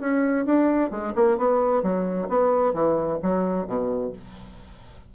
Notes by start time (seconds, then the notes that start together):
0.00 C#4
0.46 D4
0.91 G#3
1.15 A#3
1.37 B3
1.83 F#3
2.29 B3
2.74 E3
3.23 F#3
3.67 B2